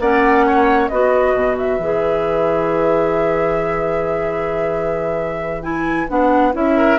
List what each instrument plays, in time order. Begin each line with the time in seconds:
0.00 bassoon A#3, clarinet C#4, oboe D5, flute F#5
0.47 oboe C#5
0.89 bassoon B3, clarinet F#4, oboe B4, flute D#5
1.34 bassoon B2
1.58 flute E5
1.79 bassoon E3, clarinet G#4
5.63 clarinet E4, flute G#5
6.09 bassoon B3, clarinet D4, flute F#5
6.53 bassoon C#4, clarinet E4, flute E5
6.77 oboe A#4